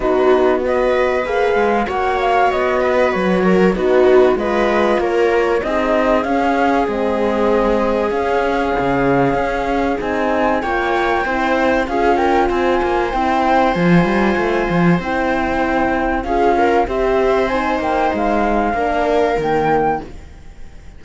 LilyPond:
<<
  \new Staff \with { instrumentName = "flute" } { \time 4/4 \tempo 4 = 96 b'4 dis''4 f''4 fis''8 f''8 | dis''4 cis''4 b'4 dis''4 | cis''4 dis''4 f''4 dis''4~ | dis''4 f''2. |
gis''4 g''2 f''8 g''8 | gis''4 g''4 gis''2 | g''2 f''4 e''4 | gis''8 g''8 f''2 g''4 | }
  \new Staff \with { instrumentName = "viola" } { \time 4/4 fis'4 b'2 cis''4~ | cis''8 b'4 ais'8 fis'4 b'4 | ais'4 gis'2.~ | gis'1~ |
gis'4 cis''4 c''4 gis'8 ais'8 | c''1~ | c''2 gis'8 ais'8 c''4~ | c''2 ais'2 | }
  \new Staff \with { instrumentName = "horn" } { \time 4/4 dis'4 fis'4 gis'4 fis'4~ | fis'2 dis'4 f'4~ | f'4 dis'4 cis'4 c'4~ | c'4 cis'2. |
dis'4 f'4 e'4 f'4~ | f'4 e'4 f'2 | e'2 f'4 g'4 | dis'2 d'4 ais4 | }
  \new Staff \with { instrumentName = "cello" } { \time 4/4 b2 ais8 gis8 ais4 | b4 fis4 b4 gis4 | ais4 c'4 cis'4 gis4~ | gis4 cis'4 cis4 cis'4 |
c'4 ais4 c'4 cis'4 | c'8 ais8 c'4 f8 g8 a8 f8 | c'2 cis'4 c'4~ | c'8 ais8 gis4 ais4 dis4 | }
>>